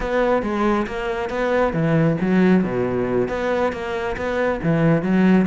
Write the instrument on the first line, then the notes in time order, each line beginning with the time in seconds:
cello
0.00 B3
0.42 G#3
0.86 A#3
1.29 B3
1.73 E3
2.20 F#3
2.63 B2
3.28 B3
3.72 A#3
4.16 B3
4.62 E3
5.02 F#3